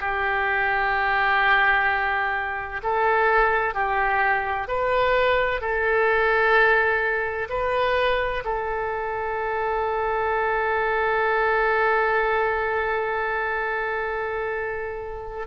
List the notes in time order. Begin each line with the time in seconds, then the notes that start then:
0.00 G4
2.83 A4
3.74 G4
4.68 B4
5.61 A4
7.50 B4
8.45 A4